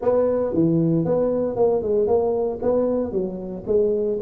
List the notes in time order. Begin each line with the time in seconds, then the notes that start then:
0.01 B3
0.53 E3
1.05 B3
1.56 A#3
1.82 G#3
2.07 A#3
2.61 B3
3.12 F#3
3.66 G#3